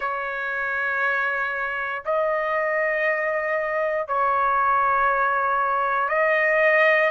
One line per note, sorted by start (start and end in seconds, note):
0.00 2.03 C#5
2.05 4.07 D#5
4.07 6.08 C#5
6.08 7.10 D#5